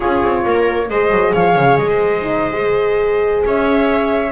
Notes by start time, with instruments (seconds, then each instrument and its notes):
0.00 double bass C#4, horn F4, viola G#4, flute C#5
0.23 double bass C4
0.45 double bass A#3, viola A#4
0.89 double bass G#3, horn G#4, viola C5, flute D#5
1.10 double bass F#3
1.33 double bass F3, viola C#5, flute F5
1.55 double bass C#3
1.77 double bass G#3, flute D#5
1.89 viola C5
2.21 horn D#4
2.51 horn G#4
3.45 double bass C#4, viola C#5, flute E5